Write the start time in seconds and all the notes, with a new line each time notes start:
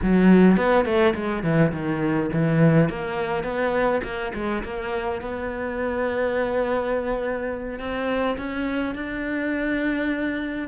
0.02 F#3
0.56 B3
0.85 A3
1.15 G#3
1.43 E3
1.72 D#3
2.32 E3
2.89 A#3
3.43 B3
4.03 A#3
4.34 G#3
4.63 A#3
5.21 B3
7.79 C4
8.37 C#4
8.94 D4